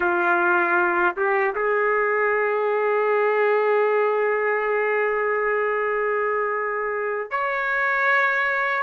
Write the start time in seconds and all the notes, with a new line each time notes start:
0.00 F4
1.16 G4
1.55 G#4
7.30 C#5